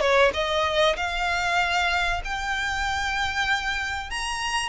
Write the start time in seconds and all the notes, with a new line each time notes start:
0.00 C#5
0.33 D#5
0.96 F5
2.24 G5
4.10 A#5